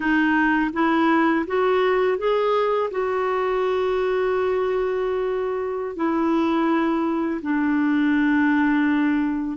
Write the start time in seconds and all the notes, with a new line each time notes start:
0.00 D#4
0.73 E4
1.46 F#4
2.18 G#4
2.90 F#4
5.96 E4
7.42 D4